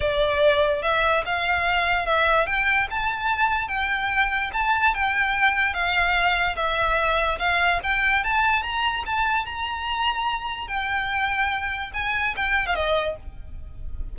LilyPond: \new Staff \with { instrumentName = "violin" } { \time 4/4 \tempo 4 = 146 d''2 e''4 f''4~ | f''4 e''4 g''4 a''4~ | a''4 g''2 a''4 | g''2 f''2 |
e''2 f''4 g''4 | a''4 ais''4 a''4 ais''4~ | ais''2 g''2~ | g''4 gis''4 g''8. f''16 dis''4 | }